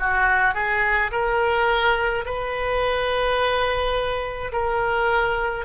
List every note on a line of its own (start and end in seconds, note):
0.00 0.55 F#4
0.55 1.11 G#4
1.12 2.25 A#4
2.26 4.52 B4
4.52 5.66 A#4